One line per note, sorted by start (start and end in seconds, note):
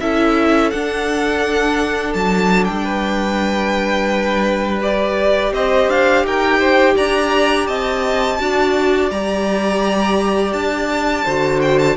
0.00 0.72 C#4
0.00 0.72 E4
0.00 2.84 A4
0.00 0.70 E5
0.70 4.81 D4
0.70 2.14 D4
0.70 2.13 F#5
2.14 2.68 F#3
2.14 2.64 A5
2.64 5.52 G3
2.64 4.78 G5
2.84 5.52 B4
4.81 8.39 G4
4.81 5.54 D5
5.52 5.88 C4
5.52 6.26 C5
5.52 5.90 D#5
5.88 6.24 D4
5.88 6.25 F5
6.24 6.95 D#4
6.24 6.59 A#4
6.24 6.97 G5
6.59 6.94 C5
6.96 7.68 D4
6.96 7.67 D5
6.96 7.67 A#5
7.67 8.39 C4
7.67 8.38 D#5
7.67 9.09 A5
8.39 9.10 D4
8.39 9.10 F#4
8.39 11.24 D5
9.10 10.53 G3
9.10 11.26 G4
9.10 10.53 A#5
10.53 11.24 D4
10.53 11.60 A5
11.24 11.97 D3
11.24 11.97 F#4
11.24 11.96 C5
11.61 11.78 G5
11.78 11.96 A5